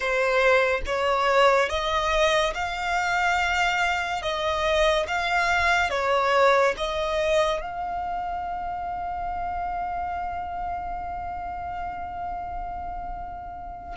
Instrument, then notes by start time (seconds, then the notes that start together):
violin
0.00 C5
0.86 C#5
1.69 D#5
2.54 F5
4.21 D#5
5.07 F5
5.90 C#5
6.77 D#5
7.61 F5